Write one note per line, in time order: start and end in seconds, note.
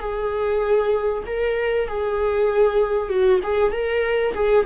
0.00 1.24 G#4
1.26 1.88 A#4
1.88 3.09 G#4
3.09 3.40 F#4
3.43 3.72 G#4
3.72 4.34 A#4
4.34 4.65 G#4